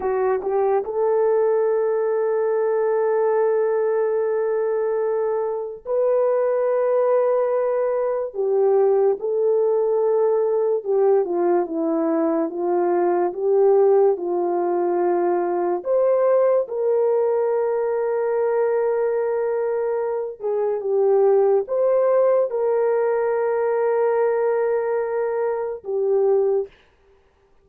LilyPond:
\new Staff \with { instrumentName = "horn" } { \time 4/4 \tempo 4 = 72 fis'8 g'8 a'2.~ | a'2. b'4~ | b'2 g'4 a'4~ | a'4 g'8 f'8 e'4 f'4 |
g'4 f'2 c''4 | ais'1~ | ais'8 gis'8 g'4 c''4 ais'4~ | ais'2. g'4 | }